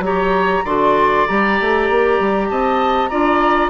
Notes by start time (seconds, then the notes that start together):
0.00 F#3 G4 A#5
0.06 C#5
0.65 D3 F#4 D5 C6
1.28 G3 G4 A#5
1.61 A3
1.90 A#3
2.20 G3
2.50 C4 D#5 A5
3.08 D4 F4 D5 A#5